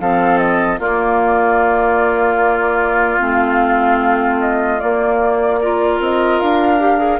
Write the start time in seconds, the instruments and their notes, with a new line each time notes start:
0.00 bassoon F3, clarinet C4, oboe A4, flute F5
0.38 flute D#5
0.79 clarinet A#3, bassoon A#3, oboe F4, flute D5
3.19 bassoon A3, clarinet C4, flute F5
4.41 flute D#5
4.79 clarinet A#3, bassoon A#3, flute D5
5.61 clarinet F4, oboe A#4
6.00 bassoon C4, flute D#5
6.40 bassoon D4, flute F5
6.79 clarinet G4
6.98 clarinet G#4